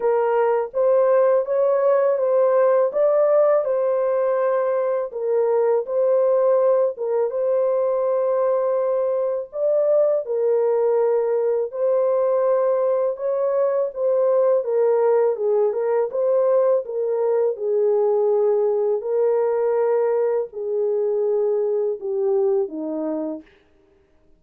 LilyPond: \new Staff \with { instrumentName = "horn" } { \time 4/4 \tempo 4 = 82 ais'4 c''4 cis''4 c''4 | d''4 c''2 ais'4 | c''4. ais'8 c''2~ | c''4 d''4 ais'2 |
c''2 cis''4 c''4 | ais'4 gis'8 ais'8 c''4 ais'4 | gis'2 ais'2 | gis'2 g'4 dis'4 | }